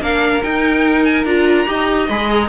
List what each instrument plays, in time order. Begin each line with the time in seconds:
0.00 cello A#3, viola D4, violin A#4 F5
0.42 cello D#4, viola D#4, violin G5
1.04 violin G#5
1.25 cello D4, viola F4, violin A#5
1.66 cello D#4, viola G4, violin D#5
2.09 cello G#3, viola G#4, violin B5
2.30 violin A#5